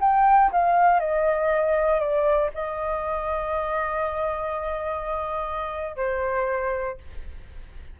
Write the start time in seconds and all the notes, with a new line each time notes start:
0.00 G5
0.52 F5
1.00 D#5
2.00 D5
2.54 D#5
5.96 C5